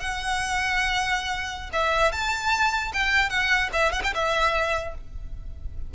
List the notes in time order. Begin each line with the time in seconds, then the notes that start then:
0.00 F#5
1.73 E5
2.12 A5
2.93 G5
3.30 F#5
3.73 E5
3.92 F#5
4.04 G5
4.14 E5